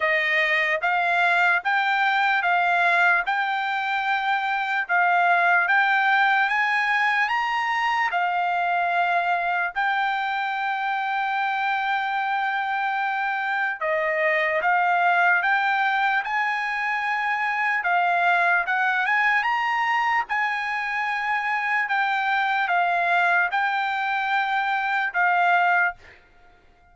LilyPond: \new Staff \with { instrumentName = "trumpet" } { \time 4/4 \tempo 4 = 74 dis''4 f''4 g''4 f''4 | g''2 f''4 g''4 | gis''4 ais''4 f''2 | g''1~ |
g''4 dis''4 f''4 g''4 | gis''2 f''4 fis''8 gis''8 | ais''4 gis''2 g''4 | f''4 g''2 f''4 | }